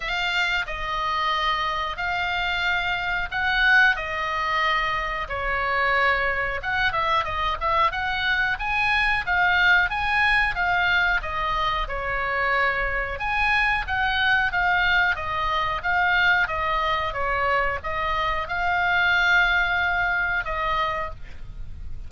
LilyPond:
\new Staff \with { instrumentName = "oboe" } { \time 4/4 \tempo 4 = 91 f''4 dis''2 f''4~ | f''4 fis''4 dis''2 | cis''2 fis''8 e''8 dis''8 e''8 | fis''4 gis''4 f''4 gis''4 |
f''4 dis''4 cis''2 | gis''4 fis''4 f''4 dis''4 | f''4 dis''4 cis''4 dis''4 | f''2. dis''4 | }